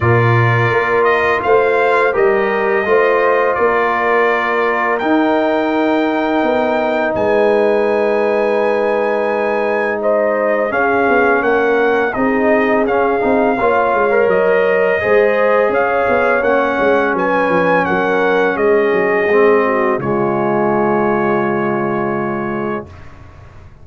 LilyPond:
<<
  \new Staff \with { instrumentName = "trumpet" } { \time 4/4 \tempo 4 = 84 d''4. dis''8 f''4 dis''4~ | dis''4 d''2 g''4~ | g''2 gis''2~ | gis''2 dis''4 f''4 |
fis''4 dis''4 f''2 | dis''2 f''4 fis''4 | gis''4 fis''4 dis''2 | cis''1 | }
  \new Staff \with { instrumentName = "horn" } { \time 4/4 ais'2 c''4 ais'4 | c''4 ais'2.~ | ais'2 b'2~ | b'2 c''4 gis'4 |
ais'4 gis'2 cis''4~ | cis''4 c''4 cis''2 | b'4 ais'4 gis'4. fis'8 | f'1 | }
  \new Staff \with { instrumentName = "trombone" } { \time 4/4 f'2. g'4 | f'2. dis'4~ | dis'1~ | dis'2. cis'4~ |
cis'4 dis'4 cis'8 dis'8 f'8. ais'16~ | ais'4 gis'2 cis'4~ | cis'2. c'4 | gis1 | }
  \new Staff \with { instrumentName = "tuba" } { \time 4/4 ais,4 ais4 a4 g4 | a4 ais2 dis'4~ | dis'4 b4 gis2~ | gis2. cis'8 b8 |
ais4 c'4 cis'8 c'8 ais8 gis8 | fis4 gis4 cis'8 b8 ais8 gis8 | fis8 f8 fis4 gis8 fis8 gis4 | cis1 | }
>>